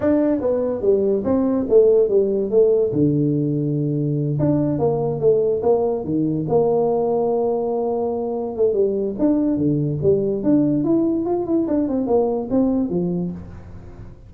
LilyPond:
\new Staff \with { instrumentName = "tuba" } { \time 4/4 \tempo 4 = 144 d'4 b4 g4 c'4 | a4 g4 a4 d4~ | d2~ d8 d'4 ais8~ | ais8 a4 ais4 dis4 ais8~ |
ais1~ | ais8 a8 g4 d'4 d4 | g4 d'4 e'4 f'8 e'8 | d'8 c'8 ais4 c'4 f4 | }